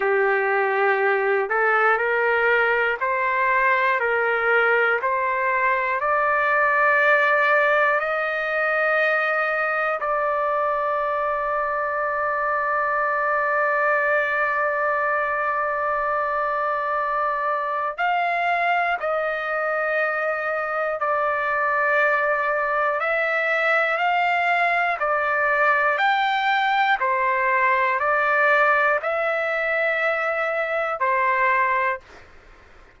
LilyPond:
\new Staff \with { instrumentName = "trumpet" } { \time 4/4 \tempo 4 = 60 g'4. a'8 ais'4 c''4 | ais'4 c''4 d''2 | dis''2 d''2~ | d''1~ |
d''2 f''4 dis''4~ | dis''4 d''2 e''4 | f''4 d''4 g''4 c''4 | d''4 e''2 c''4 | }